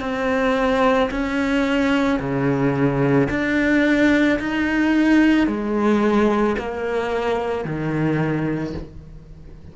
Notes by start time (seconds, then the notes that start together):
0.00 C4
1.11 C#4
2.19 C#3
3.30 D4
4.39 D#4
5.47 G#3
6.59 A#3
7.65 D#3